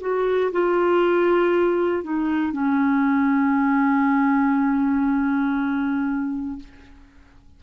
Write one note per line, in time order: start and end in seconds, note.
0.00 0.51 F#4
0.52 2.03 F4
2.03 2.52 D#4
2.52 6.59 C#4